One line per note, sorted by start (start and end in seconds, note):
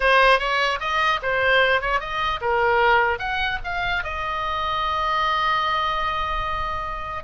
0.00 0.39 C5
0.39 0.79 C#5
0.79 1.20 D#5
1.22 1.81 C5
1.81 1.99 C#5
1.99 2.40 D#5
2.41 3.18 A#4
3.18 3.59 F#5
3.64 4.03 F5
4.03 7.24 D#5